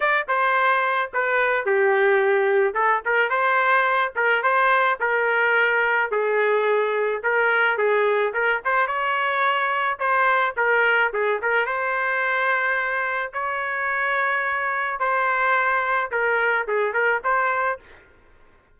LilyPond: \new Staff \with { instrumentName = "trumpet" } { \time 4/4 \tempo 4 = 108 d''8 c''4. b'4 g'4~ | g'4 a'8 ais'8 c''4. ais'8 | c''4 ais'2 gis'4~ | gis'4 ais'4 gis'4 ais'8 c''8 |
cis''2 c''4 ais'4 | gis'8 ais'8 c''2. | cis''2. c''4~ | c''4 ais'4 gis'8 ais'8 c''4 | }